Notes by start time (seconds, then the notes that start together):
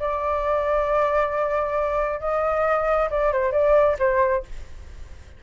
0.00 D5
2.20 D#5
3.11 D5
3.33 C5
3.52 D5
3.99 C5